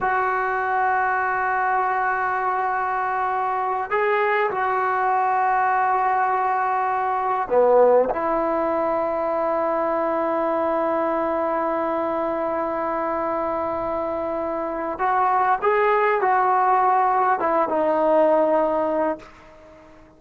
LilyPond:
\new Staff \with { instrumentName = "trombone" } { \time 4/4 \tempo 4 = 100 fis'1~ | fis'2~ fis'8 gis'4 fis'8~ | fis'1~ | fis'8 b4 e'2~ e'8~ |
e'1~ | e'1~ | e'4 fis'4 gis'4 fis'4~ | fis'4 e'8 dis'2~ dis'8 | }